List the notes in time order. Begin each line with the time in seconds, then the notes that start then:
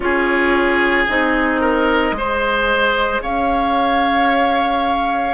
0.00 C#4 F4 G#4 C#5
1.08 C4 D#4 D#5
1.60 A#4
2.11 G#3 G#4 C5
3.22 C#4 C#5 F5